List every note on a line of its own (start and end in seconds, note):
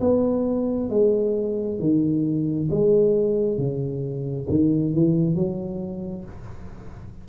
0.00 0.89 B3
0.89 1.79 G#3
1.79 2.68 D#3
2.70 3.57 G#3
3.57 4.47 C#3
4.49 4.93 D#3
4.93 5.35 E3
5.35 6.24 F#3